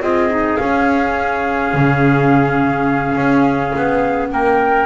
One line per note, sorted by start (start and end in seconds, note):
0.00 0.57 C4
0.00 0.29 F4
0.00 4.31 G#4
0.00 0.56 D#5
0.29 0.58 D#4
0.56 1.73 C#4
0.56 4.86 C#4
0.56 4.27 F5
1.73 3.15 C#3
3.15 3.72 C#4
3.76 4.32 B3
4.31 4.86 A#3
4.31 4.86 A#4
4.31 4.86 G5